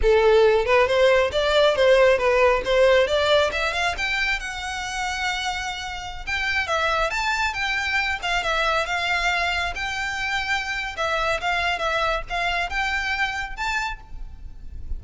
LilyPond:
\new Staff \with { instrumentName = "violin" } { \time 4/4 \tempo 4 = 137 a'4. b'8 c''4 d''4 | c''4 b'4 c''4 d''4 | e''8 f''8 g''4 fis''2~ | fis''2~ fis''16 g''4 e''8.~ |
e''16 a''4 g''4. f''8 e''8.~ | e''16 f''2 g''4.~ g''16~ | g''4 e''4 f''4 e''4 | f''4 g''2 a''4 | }